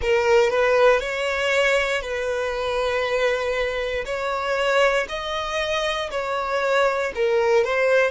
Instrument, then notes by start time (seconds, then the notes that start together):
violin
0.01 A#4
0.49 B4
0.99 C#5
2.01 B4
4.05 C#5
5.08 D#5
6.10 C#5
7.15 A#4
7.64 C5